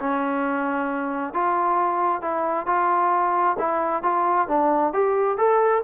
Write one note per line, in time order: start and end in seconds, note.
0.00 1.34 C#4
1.34 2.22 F4
2.22 2.67 E4
2.67 3.57 F4
3.59 4.03 E4
4.03 4.48 F4
4.48 4.94 D4
4.94 5.38 G4
5.38 5.83 A4